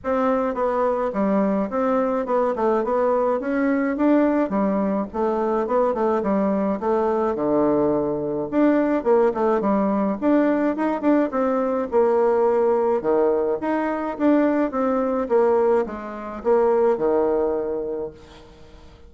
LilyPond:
\new Staff \with { instrumentName = "bassoon" } { \time 4/4 \tempo 4 = 106 c'4 b4 g4 c'4 | b8 a8 b4 cis'4 d'4 | g4 a4 b8 a8 g4 | a4 d2 d'4 |
ais8 a8 g4 d'4 dis'8 d'8 | c'4 ais2 dis4 | dis'4 d'4 c'4 ais4 | gis4 ais4 dis2 | }